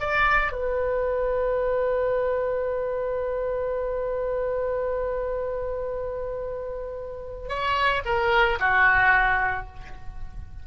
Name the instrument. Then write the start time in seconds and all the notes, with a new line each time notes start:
oboe
0.00 D5
0.52 B4
7.49 C#5
8.05 A#4
8.60 F#4